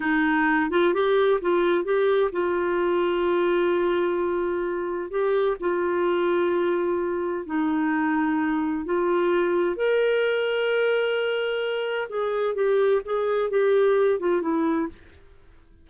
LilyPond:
\new Staff \with { instrumentName = "clarinet" } { \time 4/4 \tempo 4 = 129 dis'4. f'8 g'4 f'4 | g'4 f'2.~ | f'2. g'4 | f'1 |
dis'2. f'4~ | f'4 ais'2.~ | ais'2 gis'4 g'4 | gis'4 g'4. f'8 e'4 | }